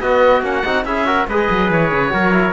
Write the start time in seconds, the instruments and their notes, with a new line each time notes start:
0.00 cello B3, trombone B3, trumpet F#4, oboe D#5
0.42 cello A#3, trombone C#4, oboe F#5
0.65 cello C4, trombone D#4
0.85 cello C#4, trombone E4, trumpet G#4, oboe E5
1.06 trombone F#4, trumpet A#4
1.28 cello G#3, trombone G#4, trumpet B4, oboe D#5
1.51 cello F#3
1.71 cello E3, oboe C#5
1.92 cello C#3
2.10 cello F#3, trombone F#4, trumpet A#4
2.32 trombone E4